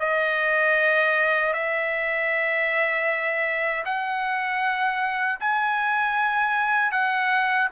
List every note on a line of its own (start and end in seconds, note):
0.00 1.53 D#5
1.53 3.84 E5
3.85 5.39 F#5
5.40 6.92 G#5
6.92 7.69 F#5